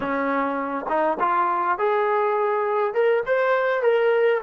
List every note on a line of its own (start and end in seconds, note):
0.00 0.86 C#4
0.88 1.18 D#4
1.19 1.78 F4
1.78 2.94 G#4
2.94 3.23 A#4
3.25 3.82 C5
3.82 4.41 A#4